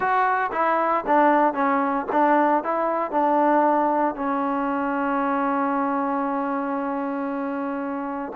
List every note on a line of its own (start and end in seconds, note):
0.00 0.50 F#4
0.52 1.04 E4
1.06 1.53 D4
1.53 2.06 C#4
2.12 2.63 D4
2.63 3.11 E4
3.11 4.15 D4
4.15 8.32 C#4